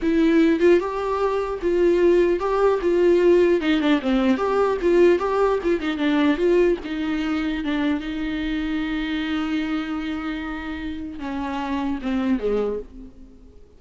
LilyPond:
\new Staff \with { instrumentName = "viola" } { \time 4/4 \tempo 4 = 150 e'4. f'8 g'2 | f'2 g'4 f'4~ | f'4 dis'8 d'8 c'4 g'4 | f'4 g'4 f'8 dis'8 d'4 |
f'4 dis'2 d'4 | dis'1~ | dis'1 | cis'2 c'4 gis4 | }